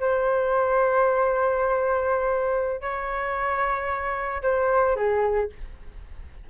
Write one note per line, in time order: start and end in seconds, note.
0.00 2.81 C5
2.81 4.42 C#5
4.43 4.96 C5
4.96 5.50 G#4